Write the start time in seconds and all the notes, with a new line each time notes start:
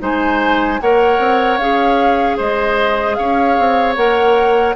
0.00 G#3 D#4 C5 G#5
0.81 A#3 A#4 C#5 F#5
1.19 C4
1.59 C#4 G#4 F5
2.37 G#3 C5 D#5
3.15 C#4 C#5 F5
3.59 C4
3.97 A#3 A#4 F#5